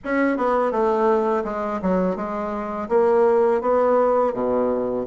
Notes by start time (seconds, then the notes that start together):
0.04 C#4
0.37 B3
0.71 A3
1.44 G#3
1.82 F#3
2.16 G#3
2.88 A#3
3.61 B3
4.33 B2